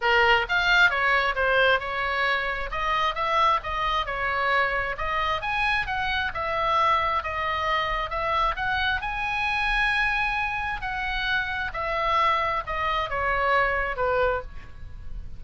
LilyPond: \new Staff \with { instrumentName = "oboe" } { \time 4/4 \tempo 4 = 133 ais'4 f''4 cis''4 c''4 | cis''2 dis''4 e''4 | dis''4 cis''2 dis''4 | gis''4 fis''4 e''2 |
dis''2 e''4 fis''4 | gis''1 | fis''2 e''2 | dis''4 cis''2 b'4 | }